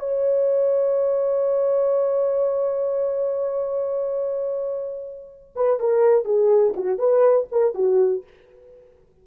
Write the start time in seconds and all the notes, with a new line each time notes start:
0.00 C#5
5.56 B4
5.80 A#4
6.25 G#4
6.77 F#4
6.99 B4
7.52 A#4
7.75 F#4